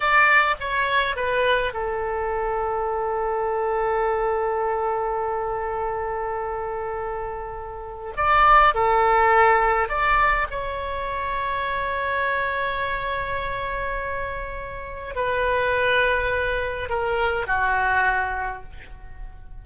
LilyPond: \new Staff \with { instrumentName = "oboe" } { \time 4/4 \tempo 4 = 103 d''4 cis''4 b'4 a'4~ | a'1~ | a'1~ | a'2 d''4 a'4~ |
a'4 d''4 cis''2~ | cis''1~ | cis''2 b'2~ | b'4 ais'4 fis'2 | }